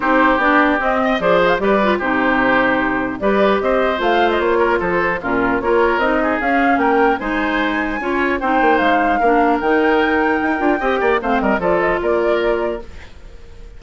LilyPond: <<
  \new Staff \with { instrumentName = "flute" } { \time 4/4 \tempo 4 = 150 c''4 d''4 dis''4 d''8 dis''16 f''16 | d''4 c''2. | d''4 dis''4 f''8. dis''16 cis''4 | c''4 ais'4 cis''4 dis''4 |
f''4 g''4 gis''2~ | gis''4 g''4 f''2 | g''1 | f''8 dis''8 d''8 dis''8 d''2 | }
  \new Staff \with { instrumentName = "oboe" } { \time 4/4 g'2~ g'8 dis''8 c''4 | b'4 g'2. | b'4 c''2~ c''8 ais'8 | a'4 f'4 ais'4. gis'8~ |
gis'4 ais'4 c''2 | cis''4 c''2 ais'4~ | ais'2. dis''8 d''8 | c''8 ais'8 a'4 ais'2 | }
  \new Staff \with { instrumentName = "clarinet" } { \time 4/4 dis'4 d'4 c'4 gis'4 | g'8 f'8 dis'2. | g'2 f'2~ | f'4 cis'4 f'4 dis'4 |
cis'2 dis'2 | f'4 dis'2 d'4 | dis'2~ dis'8 f'8 g'4 | c'4 f'2. | }
  \new Staff \with { instrumentName = "bassoon" } { \time 4/4 c'4 b4 c'4 f4 | g4 c2. | g4 c'4 a4 ais4 | f4 ais,4 ais4 c'4 |
cis'4 ais4 gis2 | cis'4 c'8 ais8 gis4 ais4 | dis2 dis'8 d'8 c'8 ais8 | a8 g8 f4 ais2 | }
>>